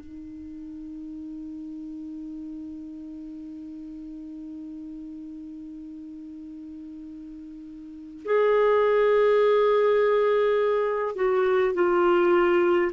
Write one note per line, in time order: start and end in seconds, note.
0.00 8.24 D#4
8.25 11.15 G#4
11.15 11.74 F#4
11.74 12.91 F4